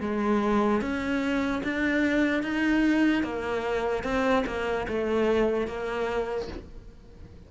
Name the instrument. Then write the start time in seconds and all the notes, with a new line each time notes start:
cello
0.00 G#3
0.81 C#4
1.63 D4
2.43 D#4
3.23 A#3
4.03 C4
4.46 A#3
4.88 A3
5.67 A#3